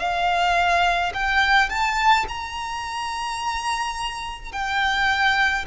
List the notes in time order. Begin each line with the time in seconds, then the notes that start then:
0.00 F5
1.14 G5
1.70 A5
2.29 A#5
4.53 G5